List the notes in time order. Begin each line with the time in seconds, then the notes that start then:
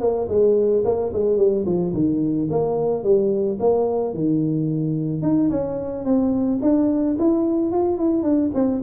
0.00 A#3
0.28 G#3
0.85 A#3
1.13 G#3
1.37 G3
1.65 F3
1.93 D#3
2.50 A#3
3.03 G3
3.60 A#3
4.14 D#3
5.22 D#4
5.50 C#4
6.04 C4
6.61 D4
7.18 E4
7.71 F4
7.97 E4
8.23 D4
8.54 C4